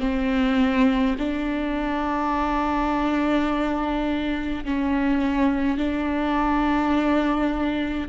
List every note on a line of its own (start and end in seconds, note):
0.00 1.15 C4
1.18 4.64 D4
4.65 5.77 C#4
5.77 8.08 D4